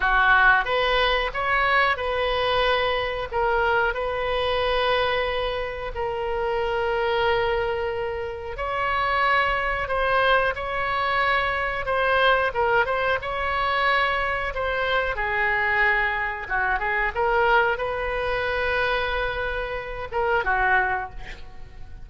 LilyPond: \new Staff \with { instrumentName = "oboe" } { \time 4/4 \tempo 4 = 91 fis'4 b'4 cis''4 b'4~ | b'4 ais'4 b'2~ | b'4 ais'2.~ | ais'4 cis''2 c''4 |
cis''2 c''4 ais'8 c''8 | cis''2 c''4 gis'4~ | gis'4 fis'8 gis'8 ais'4 b'4~ | b'2~ b'8 ais'8 fis'4 | }